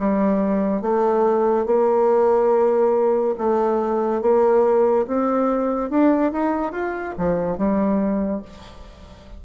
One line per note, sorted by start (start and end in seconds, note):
0.00 0.82 G3
0.82 1.66 A3
1.66 3.35 A#3
3.38 4.22 A3
4.22 5.07 A#3
5.07 5.91 C4
5.91 6.33 D4
6.33 6.73 D#4
6.73 7.15 F4
7.18 7.58 F3
7.58 8.43 G3